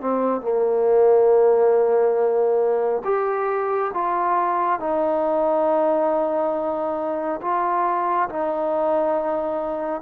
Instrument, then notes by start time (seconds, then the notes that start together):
trombone
0.00 C4
0.41 A#3
3.04 G4
3.93 F4
4.79 D#4
7.42 F4
8.29 D#4